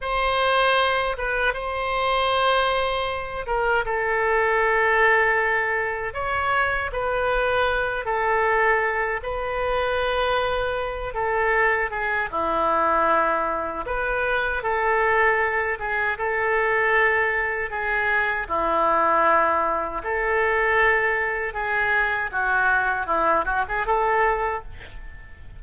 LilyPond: \new Staff \with { instrumentName = "oboe" } { \time 4/4 \tempo 4 = 78 c''4. b'8 c''2~ | c''8 ais'8 a'2. | cis''4 b'4. a'4. | b'2~ b'8 a'4 gis'8 |
e'2 b'4 a'4~ | a'8 gis'8 a'2 gis'4 | e'2 a'2 | gis'4 fis'4 e'8 fis'16 gis'16 a'4 | }